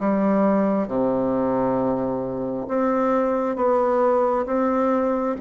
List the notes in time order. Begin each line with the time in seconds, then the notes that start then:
0.00 G3
0.88 C3
2.68 C4
3.57 B3
4.47 C4